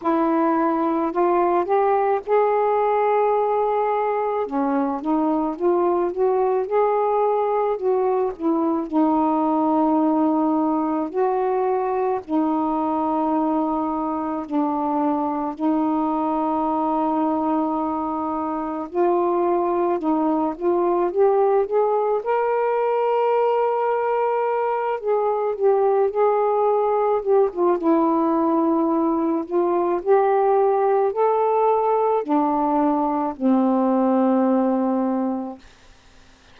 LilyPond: \new Staff \with { instrumentName = "saxophone" } { \time 4/4 \tempo 4 = 54 e'4 f'8 g'8 gis'2 | cis'8 dis'8 f'8 fis'8 gis'4 fis'8 e'8 | dis'2 fis'4 dis'4~ | dis'4 d'4 dis'2~ |
dis'4 f'4 dis'8 f'8 g'8 gis'8 | ais'2~ ais'8 gis'8 g'8 gis'8~ | gis'8 g'16 f'16 e'4. f'8 g'4 | a'4 d'4 c'2 | }